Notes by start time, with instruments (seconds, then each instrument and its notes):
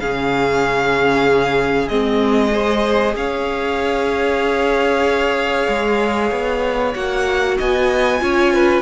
0.00 cello C#3, viola C#4, violin G#4 F5
1.88 cello G#3, viola C4, violin D#5
2.52 viola G#4, violin C5
3.15 cello C#4, violin C#5 F5
5.69 cello G#3
6.32 cello B3
6.94 cello A#3, viola F#4, violin F#5
7.58 cello B3, violin D#5 G#5
8.20 cello C#4, viola F4, violin C#5
8.53 violin B4